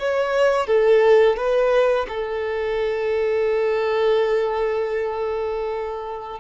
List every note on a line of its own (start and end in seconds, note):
0.00 0.67 C#5
0.67 1.37 A4
1.37 2.07 B4
2.09 6.40 A4